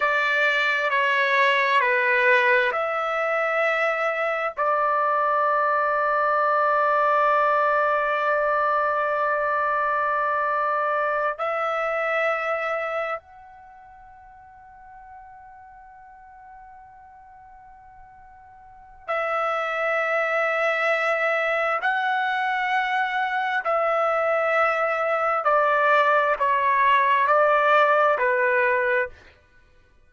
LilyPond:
\new Staff \with { instrumentName = "trumpet" } { \time 4/4 \tempo 4 = 66 d''4 cis''4 b'4 e''4~ | e''4 d''2.~ | d''1~ | d''8 e''2 fis''4.~ |
fis''1~ | fis''4 e''2. | fis''2 e''2 | d''4 cis''4 d''4 b'4 | }